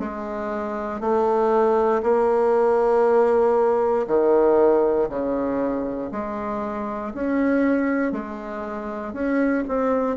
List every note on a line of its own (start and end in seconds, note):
0.00 1.01 G#3
1.01 2.02 A3
2.03 4.07 A#3
4.08 5.09 D#3
5.09 6.11 C#3
6.12 7.14 G#3
7.15 8.13 C#4
8.13 9.14 G#3
9.14 9.65 C#4
9.68 10.17 C4